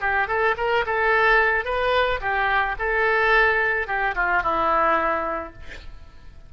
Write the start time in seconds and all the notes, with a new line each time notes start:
0.00 G4
0.27 A4
0.57 A#4
0.86 A4
1.64 B4
2.20 G4
2.78 A4
3.87 G4
4.15 F4
4.43 E4